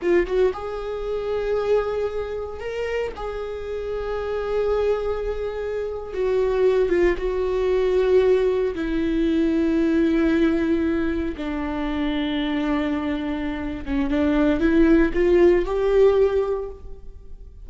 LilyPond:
\new Staff \with { instrumentName = "viola" } { \time 4/4 \tempo 4 = 115 f'8 fis'8 gis'2.~ | gis'4 ais'4 gis'2~ | gis'2.~ gis'8. fis'16~ | fis'4~ fis'16 f'8 fis'2~ fis'16~ |
fis'8. e'2.~ e'16~ | e'4.~ e'16 d'2~ d'16~ | d'2~ d'8 cis'8 d'4 | e'4 f'4 g'2 | }